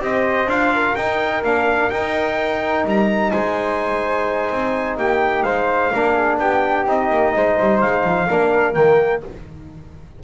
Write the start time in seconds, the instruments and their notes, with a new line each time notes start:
0.00 double bass C4, trombone G4, flute C5, trumpet D#5
0.46 double bass D4, trombone F4, trumpet F5
0.75 flute A#4
0.95 double bass D#4, trombone D#4, trumpet G5
1.44 double bass A#3, trombone D4, trumpet F5
1.91 double bass D#4, trombone D#4, trumpet G5
2.85 double bass G3, trumpet A#5
3.31 double bass G#3, flute C5, trumpet G#5
4.51 double bass C4
4.97 double bass A#3, flute G4, trumpet G5
5.43 double bass G#3, flute C5, trumpet F5
5.92 double bass A#3, trombone D4, flute A#4
6.14 flute G#4
6.39 double bass B3, flute G4, trumpet G5
6.86 double bass C4, trombone D#4, trumpet D#5
7.10 double bass A#3
7.36 double bass G#3, flute C5
7.60 double bass G3
7.81 double bass G#3, trumpet F5
8.04 double bass F3
8.28 double bass A#3, trombone D4, flute A#4
8.74 double bass D#3, trombone A#3, trumpet G5